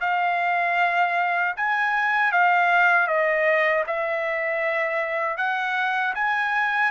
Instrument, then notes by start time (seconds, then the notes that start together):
trumpet
0.00 F5
1.56 G#5
2.32 F5
3.07 D#5
3.87 E5
5.37 F#5
6.14 G#5